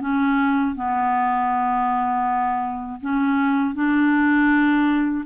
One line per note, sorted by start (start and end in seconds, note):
0.00 0.75 C#4
0.75 3.00 B3
3.01 3.74 C#4
3.74 5.24 D4